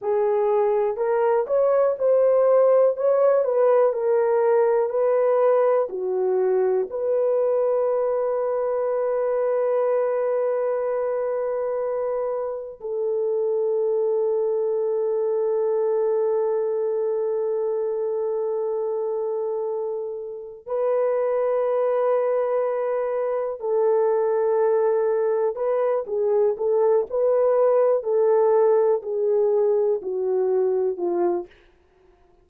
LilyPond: \new Staff \with { instrumentName = "horn" } { \time 4/4 \tempo 4 = 61 gis'4 ais'8 cis''8 c''4 cis''8 b'8 | ais'4 b'4 fis'4 b'4~ | b'1~ | b'4 a'2.~ |
a'1~ | a'4 b'2. | a'2 b'8 gis'8 a'8 b'8~ | b'8 a'4 gis'4 fis'4 f'8 | }